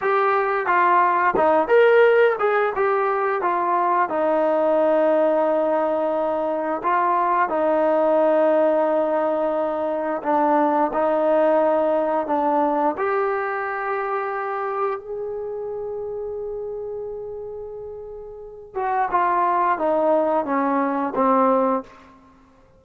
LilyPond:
\new Staff \with { instrumentName = "trombone" } { \time 4/4 \tempo 4 = 88 g'4 f'4 dis'8 ais'4 gis'8 | g'4 f'4 dis'2~ | dis'2 f'4 dis'4~ | dis'2. d'4 |
dis'2 d'4 g'4~ | g'2 gis'2~ | gis'2.~ gis'8 fis'8 | f'4 dis'4 cis'4 c'4 | }